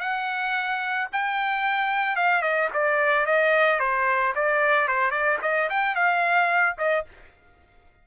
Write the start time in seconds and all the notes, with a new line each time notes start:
0.00 F#5
1.12 G5
2.16 F5
2.42 D#5
2.73 D5
3.26 D#5
3.80 C5
4.35 D5
4.88 C5
5.11 D5
5.42 D#5
5.70 G5
5.95 F5
6.78 D#5